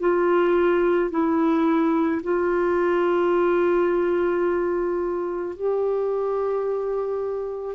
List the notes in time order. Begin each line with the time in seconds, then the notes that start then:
0.00 F4
1.11 E4
2.23 F4
5.57 G4